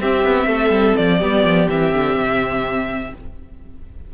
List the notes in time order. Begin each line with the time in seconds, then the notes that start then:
0.00 C4 G4 E5
0.24 B3
0.46 A3 A4
0.70 G3
0.96 F3 D5
1.17 G3 B3 G4
1.44 F3
1.69 E3 C4 E5
1.93 D3
2.15 C3